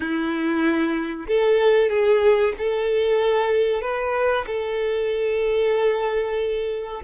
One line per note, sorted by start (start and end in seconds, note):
0.00 1.26 E4
1.27 1.89 A4
1.89 2.53 G#4
2.57 3.81 A4
3.81 4.45 B4
4.46 7.02 A4